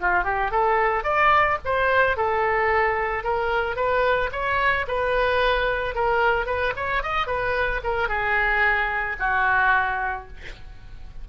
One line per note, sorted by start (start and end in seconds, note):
0.00 0.24 F4
0.24 0.51 G4
0.51 1.03 A4
1.03 1.57 D5
1.64 2.16 C5
2.16 3.23 A4
3.23 3.76 A#4
3.76 4.30 B4
4.31 4.86 C#5
4.87 5.95 B4
5.95 6.46 A#4
6.46 6.73 B4
6.76 7.02 C#5
7.02 7.27 D#5
7.27 7.81 B4
7.83 8.08 A#4
8.08 9.16 G#4
9.19 10.27 F#4